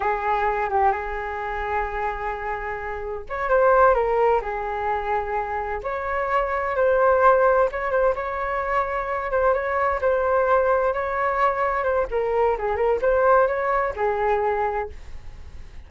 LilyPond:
\new Staff \with { instrumentName = "flute" } { \time 4/4 \tempo 4 = 129 gis'4. g'8 gis'2~ | gis'2. cis''8 c''8~ | c''8 ais'4 gis'2~ gis'8~ | gis'8 cis''2 c''4.~ |
c''8 cis''8 c''8 cis''2~ cis''8 | c''8 cis''4 c''2 cis''8~ | cis''4. c''8 ais'4 gis'8 ais'8 | c''4 cis''4 gis'2 | }